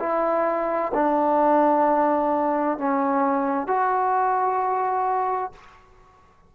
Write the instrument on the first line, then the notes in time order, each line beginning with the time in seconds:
trombone
0.00 E4
0.94 D4
2.78 C#4
3.68 F#4